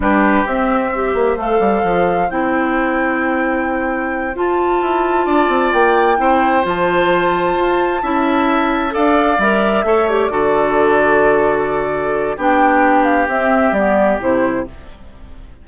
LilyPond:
<<
  \new Staff \with { instrumentName = "flute" } { \time 4/4 \tempo 4 = 131 b'4 e''2 f''4~ | f''4 g''2.~ | g''4. a''2~ a''8~ | a''8 g''2 a''4.~ |
a''2.~ a''8 f''8~ | f''8 e''4. d''2~ | d''2. g''4~ | g''8 f''8 e''4 d''4 c''4 | }
  \new Staff \with { instrumentName = "oboe" } { \time 4/4 g'2 c''2~ | c''1~ | c''2.~ c''8 d''8~ | d''4. c''2~ c''8~ |
c''4. e''2 d''8~ | d''4. cis''4 a'4.~ | a'2. g'4~ | g'1 | }
  \new Staff \with { instrumentName = "clarinet" } { \time 4/4 d'4 c'4 g'4 a'4~ | a'4 e'2.~ | e'4. f'2~ f'8~ | f'4. e'4 f'4.~ |
f'4. e'2 a'8~ | a'8 ais'4 a'8 g'8 fis'4.~ | fis'2. d'4~ | d'4 c'4 b4 e'4 | }
  \new Staff \with { instrumentName = "bassoon" } { \time 4/4 g4 c'4. ais8 a8 g8 | f4 c'2.~ | c'4. f'4 e'4 d'8 | c'8 ais4 c'4 f4.~ |
f8 f'4 cis'2 d'8~ | d'8 g4 a4 d4.~ | d2. b4~ | b4 c'4 g4 c4 | }
>>